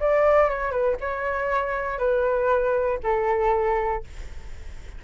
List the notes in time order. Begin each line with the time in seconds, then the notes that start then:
0.00 D5
0.49 C#5
0.71 B4
1.01 C#5
1.98 B4
3.03 A4